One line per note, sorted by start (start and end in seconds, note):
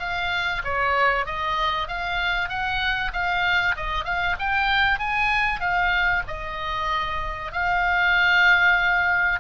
0.00 0.62 F5
0.64 1.26 C#5
1.26 1.88 D#5
1.88 2.49 F5
2.49 3.12 F#5
3.13 3.76 F5
3.77 4.05 D#5
4.05 4.36 F5
4.39 4.99 G5
4.99 5.61 G#5
5.61 6.23 F5
6.28 7.53 D#5
7.53 9.40 F5